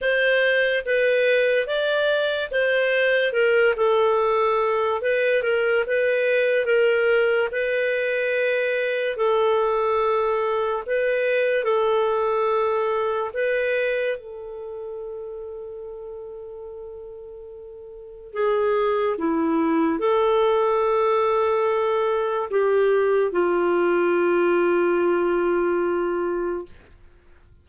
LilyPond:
\new Staff \with { instrumentName = "clarinet" } { \time 4/4 \tempo 4 = 72 c''4 b'4 d''4 c''4 | ais'8 a'4. b'8 ais'8 b'4 | ais'4 b'2 a'4~ | a'4 b'4 a'2 |
b'4 a'2.~ | a'2 gis'4 e'4 | a'2. g'4 | f'1 | }